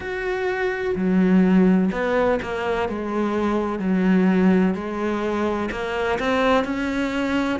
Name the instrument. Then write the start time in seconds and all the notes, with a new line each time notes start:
cello
0.00 F#4
0.95 F#3
1.92 B3
2.42 A#3
2.88 G#3
3.79 F#3
4.74 G#3
5.71 A#3
6.19 C4
6.64 C#4